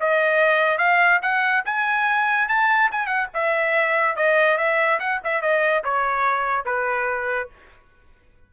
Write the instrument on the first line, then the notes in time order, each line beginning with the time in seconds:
trumpet
0.00 D#5
0.78 F5
1.22 F#5
1.65 G#5
2.49 A5
2.92 G#5
3.07 F#5
3.34 E5
4.16 D#5
4.58 E5
5.00 F#5
5.24 E5
5.42 D#5
5.84 C#5
6.65 B4